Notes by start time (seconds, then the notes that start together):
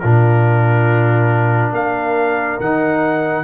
0.00 A#2 D4 F4 A#4
1.72 A#3 A#4 F5
2.60 D#3 D#4 F#5